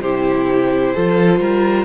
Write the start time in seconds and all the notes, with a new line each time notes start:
0.00 C3 E4 G4 C5
0.95 F3 F4 A4
1.40 G3 A#4